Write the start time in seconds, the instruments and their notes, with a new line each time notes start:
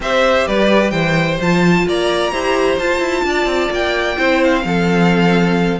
0.00 cello C4, viola G4, violin C5 E5
0.47 cello G3, violin B4 D5
0.90 cello E3, violin C5 G5
1.40 cello F3, viola F4, violin A5
1.87 cello A#3, violin D5 A#5
2.31 cello E4, viola G4, violin C5
2.78 cello F4, viola F4, violin A5
3.00 cello E4
3.24 cello D4, violin D5
3.45 cello C4
3.70 cello A#3, violin G5
4.17 cello C4, viola E4, violin C5
4.43 violin F5
4.63 cello F3, viola C4, violin A4